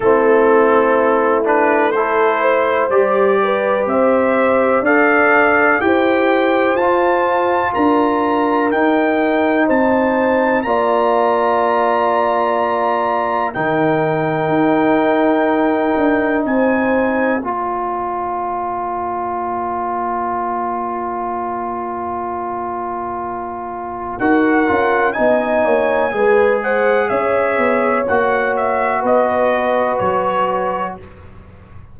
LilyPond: <<
  \new Staff \with { instrumentName = "trumpet" } { \time 4/4 \tempo 4 = 62 a'4. b'8 c''4 d''4 | e''4 f''4 g''4 a''4 | ais''4 g''4 a''4 ais''4~ | ais''2 g''2~ |
g''4 gis''4 ais''2~ | ais''1~ | ais''4 fis''4 gis''4. fis''8 | e''4 fis''8 e''8 dis''4 cis''4 | }
  \new Staff \with { instrumentName = "horn" } { \time 4/4 e'2 a'8 c''4 b'8 | c''4 d''4 c''2 | ais'2 c''4 d''4~ | d''2 ais'2~ |
ais'4 c''4 cis''2~ | cis''1~ | cis''4 ais'4 dis''8 cis''8 b'8 c''8 | cis''2 b'2 | }
  \new Staff \with { instrumentName = "trombone" } { \time 4/4 c'4. d'8 e'4 g'4~ | g'4 a'4 g'4 f'4~ | f'4 dis'2 f'4~ | f'2 dis'2~ |
dis'2 f'2~ | f'1~ | f'4 fis'8 f'8 dis'4 gis'4~ | gis'4 fis'2. | }
  \new Staff \with { instrumentName = "tuba" } { \time 4/4 a2. g4 | c'4 d'4 e'4 f'4 | d'4 dis'4 c'4 ais4~ | ais2 dis4 dis'4~ |
dis'8 d'8 c'4 ais2~ | ais1~ | ais4 dis'8 cis'8 b8 ais8 gis4 | cis'8 b8 ais4 b4 fis4 | }
>>